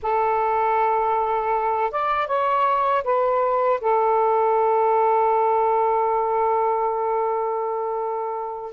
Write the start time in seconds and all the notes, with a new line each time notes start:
0.02 A4
1.91 D5
2.27 C#5
3.04 B4
3.80 A4